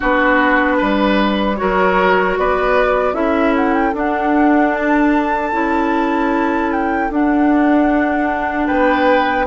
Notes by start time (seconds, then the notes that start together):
0.00 B3 D4 F#4 B4
0.77 G3 B4
1.56 F#3 F#4 A#4 C#5
2.37 B3 B4 D5
3.13 C#4 E4 A4 E5
3.56 F#5
3.74 G5
3.94 D4 F#5
4.75 A5
5.52 C#4 E4
6.71 G5
7.10 D4 F#5
8.66 B3 B4 G5